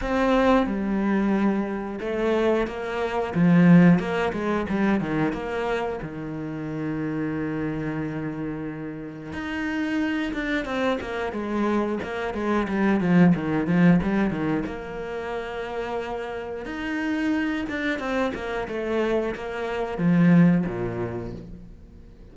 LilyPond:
\new Staff \with { instrumentName = "cello" } { \time 4/4 \tempo 4 = 90 c'4 g2 a4 | ais4 f4 ais8 gis8 g8 dis8 | ais4 dis2.~ | dis2 dis'4. d'8 |
c'8 ais8 gis4 ais8 gis8 g8 f8 | dis8 f8 g8 dis8 ais2~ | ais4 dis'4. d'8 c'8 ais8 | a4 ais4 f4 ais,4 | }